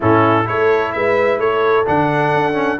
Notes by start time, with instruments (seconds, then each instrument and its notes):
0.00 tuba A2, trombone C#4, horn E4, trumpet A4
0.44 tuba A3, trombone E4, horn A4, trumpet C#5
0.92 tuba G#3, horn B4, trumpet E5
1.38 tuba A3, horn A4, trumpet C#5
1.86 tuba D3, trombone D4, trumpet F#5
2.34 tuba D4
2.53 trombone C#4